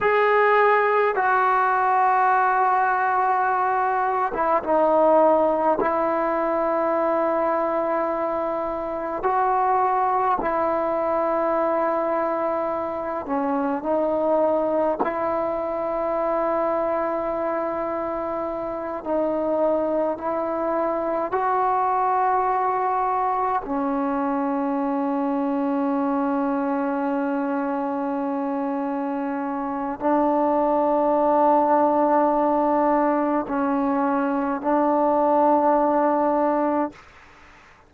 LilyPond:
\new Staff \with { instrumentName = "trombone" } { \time 4/4 \tempo 4 = 52 gis'4 fis'2~ fis'8. e'16 | dis'4 e'2. | fis'4 e'2~ e'8 cis'8 | dis'4 e'2.~ |
e'8 dis'4 e'4 fis'4.~ | fis'8 cis'2.~ cis'8~ | cis'2 d'2~ | d'4 cis'4 d'2 | }